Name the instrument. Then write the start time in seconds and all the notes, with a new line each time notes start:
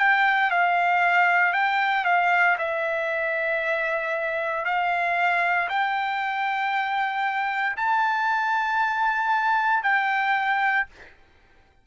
trumpet
0.00 G5
0.51 F5
1.54 G5
2.05 F5
2.59 E5
4.66 F5
5.69 G5
7.77 A5
9.84 G5